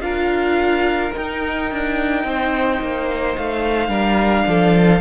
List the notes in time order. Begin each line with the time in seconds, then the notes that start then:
0.00 D4 F4 A#4 F5
1.12 D#4 G5
1.71 D4
2.23 C4 C5
2.81 A#3
3.37 A3 F5
3.87 G3 D4 A#4
4.47 F3 A4